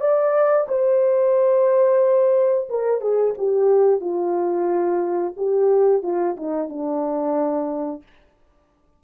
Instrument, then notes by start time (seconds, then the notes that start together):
horn
0.00 D5
0.68 C5
2.69 A#4
3.01 G#4
3.38 G4
4.00 F4
5.36 G4
6.02 F4
6.36 D#4
6.69 D4